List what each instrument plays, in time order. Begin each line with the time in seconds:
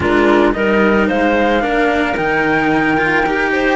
0.00 cello G#3 D4, clarinet F4, flute A#4
0.52 cello G3 D#4, clarinet A#4, flute D#5
1.08 cello G#3, clarinet C5, flute F5
1.60 cello A#3 D4, clarinet A#4
2.16 cello D#3 D#4, flute G5
2.97 cello F4
3.25 cello D#4 G4
3.52 clarinet C5